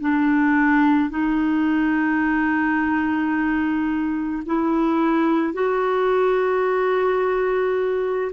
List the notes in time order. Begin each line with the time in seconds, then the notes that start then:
0.00 D4
1.10 D#4
4.45 E4
5.53 F#4